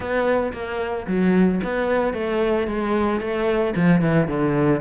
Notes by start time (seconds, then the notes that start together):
0.00 B3
0.52 A#3
1.07 F#3
1.63 B3
2.13 A3
2.67 G#3
3.20 A3
3.75 F3
4.01 E3
4.27 D3